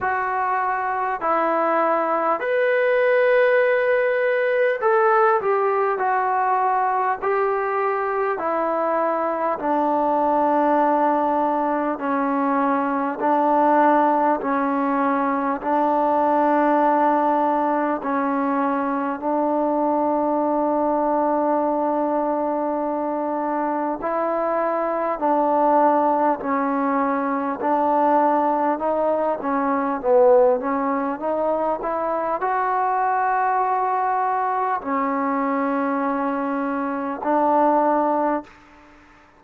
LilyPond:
\new Staff \with { instrumentName = "trombone" } { \time 4/4 \tempo 4 = 50 fis'4 e'4 b'2 | a'8 g'8 fis'4 g'4 e'4 | d'2 cis'4 d'4 | cis'4 d'2 cis'4 |
d'1 | e'4 d'4 cis'4 d'4 | dis'8 cis'8 b8 cis'8 dis'8 e'8 fis'4~ | fis'4 cis'2 d'4 | }